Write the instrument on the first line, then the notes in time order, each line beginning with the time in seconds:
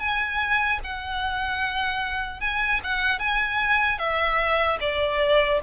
violin
0.00 G#5
0.84 F#5
2.41 G#5
2.84 F#5
3.20 G#5
3.99 E5
4.81 D5